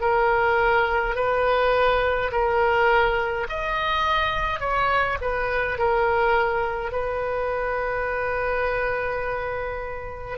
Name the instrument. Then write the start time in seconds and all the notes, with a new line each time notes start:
oboe
0.00 A#4
1.15 B4
2.31 A#4
3.49 D#5
4.59 C#5
5.21 B4
5.78 A#4
6.92 B4